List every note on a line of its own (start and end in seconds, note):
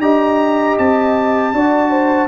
0.00 0.76 D4
0.00 1.54 G4
0.00 1.53 D#5
0.00 0.77 A#5
0.78 1.53 C4
0.78 2.29 A5
1.53 2.29 D4
1.53 2.29 F#4
1.53 1.91 D5
1.91 2.29 C5